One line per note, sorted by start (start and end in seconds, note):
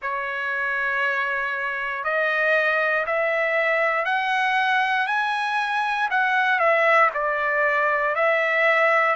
0.01 2.03 C#5
2.03 3.05 D#5
3.06 4.04 E5
4.04 5.06 F#5
5.07 6.08 G#5
6.10 6.59 F#5
6.59 7.10 E5
7.14 8.15 D5
8.15 9.15 E5